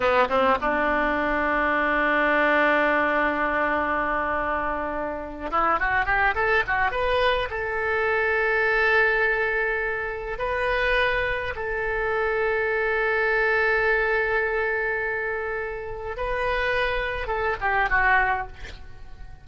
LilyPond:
\new Staff \with { instrumentName = "oboe" } { \time 4/4 \tempo 4 = 104 b8 c'8 d'2.~ | d'1~ | d'4. e'8 fis'8 g'8 a'8 fis'8 | b'4 a'2.~ |
a'2 b'2 | a'1~ | a'1 | b'2 a'8 g'8 fis'4 | }